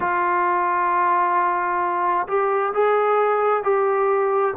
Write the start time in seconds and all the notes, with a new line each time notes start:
0.00 F4
2.27 G4
2.73 G#4
3.63 G4